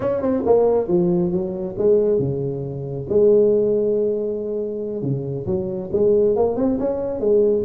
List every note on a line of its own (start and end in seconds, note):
0.00 0.21 C#4
0.21 0.43 C4
0.45 0.88 A#3
0.88 1.31 F3
1.31 1.75 F#3
1.77 2.18 G#3
2.18 3.06 C#3
3.09 5.02 G#3
5.02 5.45 C#3
5.46 5.90 F#3
5.92 6.35 G#3
6.35 6.56 A#3
6.56 6.78 C4
6.79 7.20 C#4
7.20 7.63 G#3